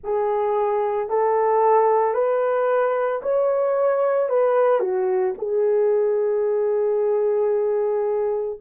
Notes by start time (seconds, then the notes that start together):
0.03 G#4
1.09 A4
2.14 B4
3.22 C#5
4.29 B4
4.80 F#4
5.38 G#4